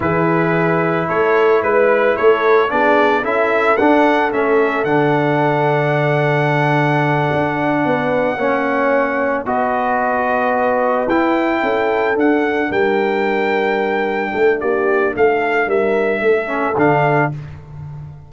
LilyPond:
<<
  \new Staff \with { instrumentName = "trumpet" } { \time 4/4 \tempo 4 = 111 b'2 cis''4 b'4 | cis''4 d''4 e''4 fis''4 | e''4 fis''2.~ | fis''1~ |
fis''4. dis''2~ dis''8~ | dis''8 g''2 fis''4 g''8~ | g''2. d''4 | f''4 e''2 f''4 | }
  \new Staff \with { instrumentName = "horn" } { \time 4/4 gis'2 a'4 b'4 | a'4 gis'4 a'2~ | a'1~ | a'2~ a'8 b'4 cis''8~ |
cis''4. b'2~ b'8~ | b'4. a'2 ais'8~ | ais'2~ ais'8 a'8 g'4 | a'4 ais'4 a'2 | }
  \new Staff \with { instrumentName = "trombone" } { \time 4/4 e'1~ | e'4 d'4 e'4 d'4 | cis'4 d'2.~ | d'2.~ d'8 cis'8~ |
cis'4. fis'2~ fis'8~ | fis'8 e'2 d'4.~ | d'1~ | d'2~ d'8 cis'8 d'4 | }
  \new Staff \with { instrumentName = "tuba" } { \time 4/4 e2 a4 gis4 | a4 b4 cis'4 d'4 | a4 d2.~ | d4. d'4 b4 ais8~ |
ais4. b2~ b8~ | b8 e'4 cis'4 d'4 g8~ | g2~ g8 a8 ais4 | a4 g4 a4 d4 | }
>>